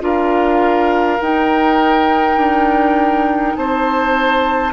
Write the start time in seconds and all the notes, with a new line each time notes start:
0.00 D4 F4 A#4 F5
1.21 D#4 G5
2.37 D4
3.56 C4 C5 A5